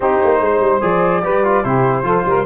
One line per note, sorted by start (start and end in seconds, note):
0.00 0.18 C4
0.00 0.81 D#4
0.00 0.40 G4
0.00 0.82 C5
0.23 0.40 A#3
0.40 0.60 G#3
0.40 1.23 C5
0.60 0.81 G3
0.81 1.23 F3
0.81 1.22 G#4
0.81 1.64 D5
1.23 1.64 G3
1.23 1.44 G4
1.23 1.64 B4
1.44 1.64 F4
1.64 2.03 C3
1.64 2.04 E4
1.64 2.05 G4
1.64 2.46 C5
2.03 2.24 F3
2.03 2.45 F4
2.03 2.25 A4
2.25 2.46 G3
2.25 2.46 A#4